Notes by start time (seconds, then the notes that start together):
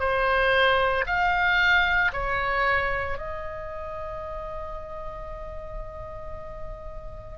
0.00 C5
1.07 F5
2.13 C#5
3.18 D#5